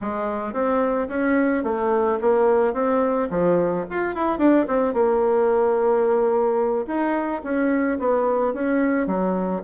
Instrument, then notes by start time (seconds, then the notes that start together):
bassoon
0.01 G#3
0.53 C4
1.08 C#4
1.63 A3
2.21 A#3
2.73 C4
3.30 F3
3.89 F4
4.14 E4
4.38 D4
4.67 C4
4.93 A#3
6.86 D#4
7.43 C#4
7.99 B3
8.53 C#4
9.07 F#3